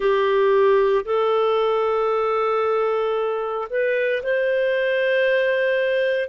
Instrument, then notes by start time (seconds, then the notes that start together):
clarinet
0.00 G4
1.05 A4
3.69 B4
4.22 C5